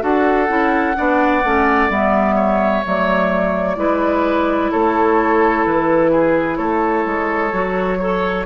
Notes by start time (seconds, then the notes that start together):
0.00 D4 F#4 A4 F#5
0.47 C#4 E4
0.96 B3 D4 D5
1.44 A3 C#4
1.89 G3 B3 E5
2.36 C#5
2.85 F#3 A3 D5
3.76 G#3 E4 B4
4.71 A3 A4 C#5
5.66 E3 B4
6.11 G#4
6.57 A3 A4 C#5
7.05 G#3
7.53 F#3 F#4
7.99 A4 C#5